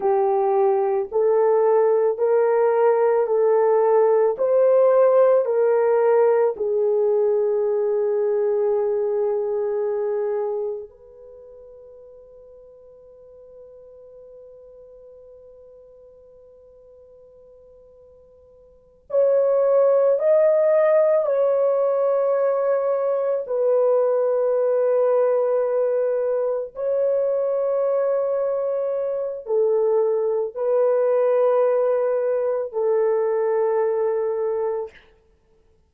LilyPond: \new Staff \with { instrumentName = "horn" } { \time 4/4 \tempo 4 = 55 g'4 a'4 ais'4 a'4 | c''4 ais'4 gis'2~ | gis'2 b'2~ | b'1~ |
b'4. cis''4 dis''4 cis''8~ | cis''4. b'2~ b'8~ | b'8 cis''2~ cis''8 a'4 | b'2 a'2 | }